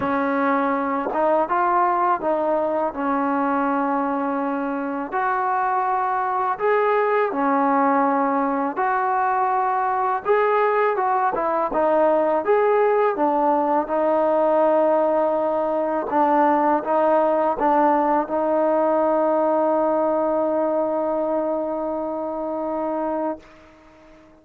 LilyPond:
\new Staff \with { instrumentName = "trombone" } { \time 4/4 \tempo 4 = 82 cis'4. dis'8 f'4 dis'4 | cis'2. fis'4~ | fis'4 gis'4 cis'2 | fis'2 gis'4 fis'8 e'8 |
dis'4 gis'4 d'4 dis'4~ | dis'2 d'4 dis'4 | d'4 dis'2.~ | dis'1 | }